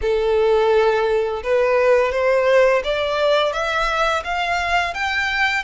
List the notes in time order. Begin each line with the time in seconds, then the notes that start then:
0.01 A4
1.43 B4
2.11 C5
2.84 D5
3.52 E5
4.24 F5
4.93 G5